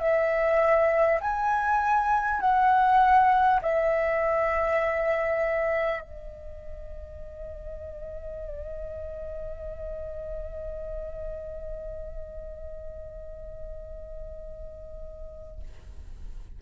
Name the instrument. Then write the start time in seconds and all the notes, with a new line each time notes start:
flute
0.00 E5
1.21 G#5
2.41 F#5
3.62 E5
6.01 D#5